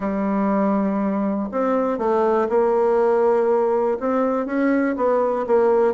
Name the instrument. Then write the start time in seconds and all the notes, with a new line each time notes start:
bassoon
0.00 G3
1.51 C4
1.98 A3
2.49 A#3
4.00 C4
4.46 C#4
4.96 B3
5.47 A#3